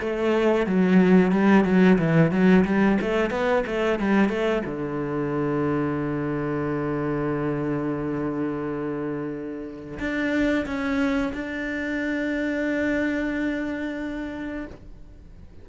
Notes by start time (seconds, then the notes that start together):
0.00 A3
0.66 F#3
1.31 G3
1.64 F#3
1.98 E3
2.31 F#3
2.64 G3
3.01 A3
3.30 B3
3.66 A3
3.99 G3
4.29 A3
4.65 D3
9.99 D4
10.66 C#4
11.33 D4